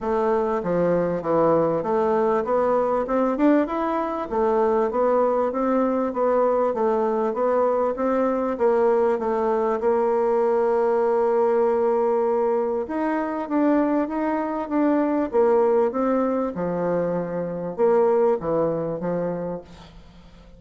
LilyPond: \new Staff \with { instrumentName = "bassoon" } { \time 4/4 \tempo 4 = 98 a4 f4 e4 a4 | b4 c'8 d'8 e'4 a4 | b4 c'4 b4 a4 | b4 c'4 ais4 a4 |
ais1~ | ais4 dis'4 d'4 dis'4 | d'4 ais4 c'4 f4~ | f4 ais4 e4 f4 | }